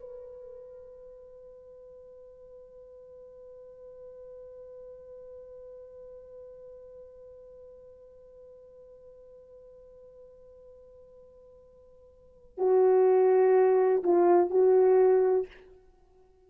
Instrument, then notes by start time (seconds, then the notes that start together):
horn
0.00 B4
12.58 F#4
14.03 F4
14.51 F#4